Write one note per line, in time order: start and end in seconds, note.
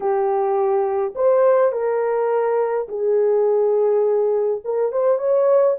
0.00 1.13 G4
1.15 1.72 C5
1.72 2.87 A#4
2.88 4.61 G#4
4.64 4.91 A#4
4.91 5.18 C5
5.18 5.76 C#5